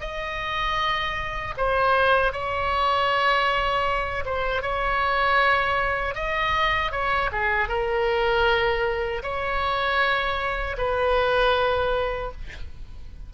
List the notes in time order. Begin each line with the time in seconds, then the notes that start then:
0.00 D#5
1.57 C5
2.32 C#5
4.25 C5
4.62 C#5
6.15 D#5
6.91 C#5
7.32 G#4
7.68 A#4
9.22 C#5
10.78 B4